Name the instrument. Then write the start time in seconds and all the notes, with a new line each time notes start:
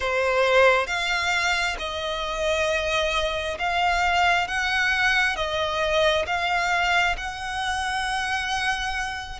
violin
0.00 C5
0.86 F5
1.79 D#5
3.58 F5
4.47 F#5
5.36 D#5
6.26 F5
7.17 F#5